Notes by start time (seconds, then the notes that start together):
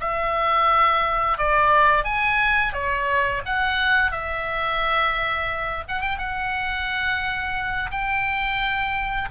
0.00 E5
1.38 D5
2.04 G#5
2.73 C#5
3.45 F#5
4.11 E5
5.88 F#5
6.01 G5
6.18 F#5
7.91 G5